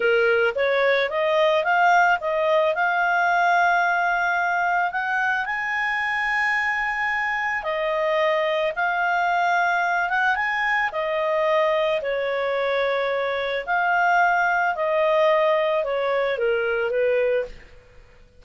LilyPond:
\new Staff \with { instrumentName = "clarinet" } { \time 4/4 \tempo 4 = 110 ais'4 cis''4 dis''4 f''4 | dis''4 f''2.~ | f''4 fis''4 gis''2~ | gis''2 dis''2 |
f''2~ f''8 fis''8 gis''4 | dis''2 cis''2~ | cis''4 f''2 dis''4~ | dis''4 cis''4 ais'4 b'4 | }